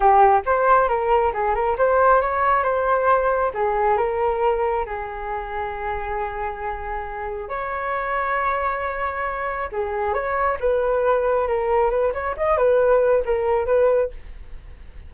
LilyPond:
\new Staff \with { instrumentName = "flute" } { \time 4/4 \tempo 4 = 136 g'4 c''4 ais'4 gis'8 ais'8 | c''4 cis''4 c''2 | gis'4 ais'2 gis'4~ | gis'1~ |
gis'4 cis''2.~ | cis''2 gis'4 cis''4 | b'2 ais'4 b'8 cis''8 | dis''8 b'4. ais'4 b'4 | }